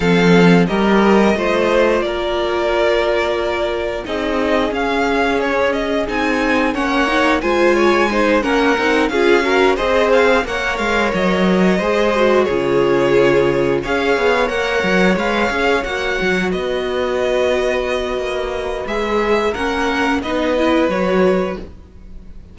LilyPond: <<
  \new Staff \with { instrumentName = "violin" } { \time 4/4 \tempo 4 = 89 f''4 dis''2 d''4~ | d''2 dis''4 f''4 | cis''8 dis''8 gis''4 fis''4 gis''4~ | gis''8 fis''4 f''4 dis''8 f''8 fis''8 |
f''8 dis''2 cis''4.~ | cis''8 f''4 fis''4 f''4 fis''8~ | fis''8 dis''2.~ dis''8 | e''4 fis''4 dis''4 cis''4 | }
  \new Staff \with { instrumentName = "violin" } { \time 4/4 a'4 ais'4 c''4 ais'4~ | ais'2 gis'2~ | gis'2 cis''4 c''8 cis''8 | c''8 ais'4 gis'8 ais'8 c''4 cis''8~ |
cis''4. c''4 gis'4.~ | gis'8 cis''2.~ cis''8~ | cis''8 b'2.~ b'8~ | b'4 ais'4 b'2 | }
  \new Staff \with { instrumentName = "viola" } { \time 4/4 c'4 g'4 f'2~ | f'2 dis'4 cis'4~ | cis'4 dis'4 cis'8 dis'8 f'4 | dis'8 cis'8 dis'8 f'8 fis'8 gis'4 ais'8~ |
ais'4. gis'8 fis'8 f'4.~ | f'8 gis'4 ais'4 b'8 gis'8 fis'8~ | fis'1 | gis'4 cis'4 dis'8 e'8 fis'4 | }
  \new Staff \with { instrumentName = "cello" } { \time 4/4 f4 g4 a4 ais4~ | ais2 c'4 cis'4~ | cis'4 c'4 ais4 gis4~ | gis8 ais8 c'8 cis'4 c'4 ais8 |
gis8 fis4 gis4 cis4.~ | cis8 cis'8 b8 ais8 fis8 gis8 cis'8 ais8 | fis8 b2~ b8 ais4 | gis4 ais4 b4 fis4 | }
>>